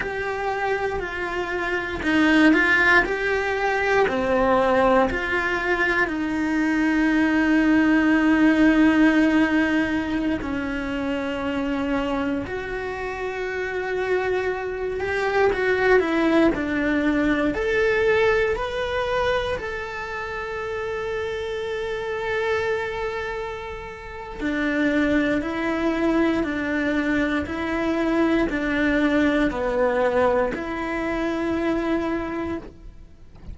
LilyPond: \new Staff \with { instrumentName = "cello" } { \time 4/4 \tempo 4 = 59 g'4 f'4 dis'8 f'8 g'4 | c'4 f'4 dis'2~ | dis'2~ dis'16 cis'4.~ cis'16~ | cis'16 fis'2~ fis'8 g'8 fis'8 e'16~ |
e'16 d'4 a'4 b'4 a'8.~ | a'1 | d'4 e'4 d'4 e'4 | d'4 b4 e'2 | }